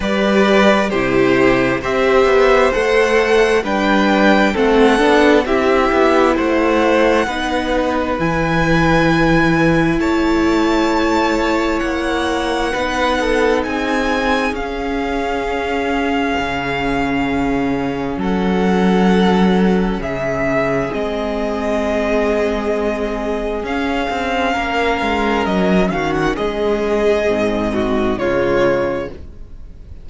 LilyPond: <<
  \new Staff \with { instrumentName = "violin" } { \time 4/4 \tempo 4 = 66 d''4 c''4 e''4 fis''4 | g''4 fis''4 e''4 fis''4~ | fis''4 gis''2 a''4~ | a''4 fis''2 gis''4 |
f''1 | fis''2 e''4 dis''4~ | dis''2 f''2 | dis''8 f''16 fis''16 dis''2 cis''4 | }
  \new Staff \with { instrumentName = "violin" } { \time 4/4 b'4 g'4 c''2 | b'4 a'4 g'4 c''4 | b'2. cis''4~ | cis''2 b'8 a'8 gis'4~ |
gis'1 | a'2 gis'2~ | gis'2. ais'4~ | ais'8 fis'8 gis'4. fis'8 f'4 | }
  \new Staff \with { instrumentName = "viola" } { \time 4/4 g'4 e'4 g'4 a'4 | d'4 c'8 d'8 e'2 | dis'4 e'2.~ | e'2 dis'2 |
cis'1~ | cis'2. c'4~ | c'2 cis'2~ | cis'2 c'4 gis4 | }
  \new Staff \with { instrumentName = "cello" } { \time 4/4 g4 c4 c'8 b8 a4 | g4 a8 b8 c'8 b8 a4 | b4 e2 a4~ | a4 ais4 b4 c'4 |
cis'2 cis2 | fis2 cis4 gis4~ | gis2 cis'8 c'8 ais8 gis8 | fis8 dis8 gis4 gis,4 cis4 | }
>>